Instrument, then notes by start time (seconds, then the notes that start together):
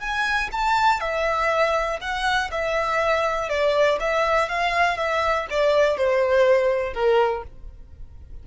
violin
0.00 G#5
0.52 A5
1.00 E5
2.01 F#5
2.51 E5
3.49 D5
4.00 E5
4.49 F5
4.97 E5
5.50 D5
5.97 C5
6.94 A#4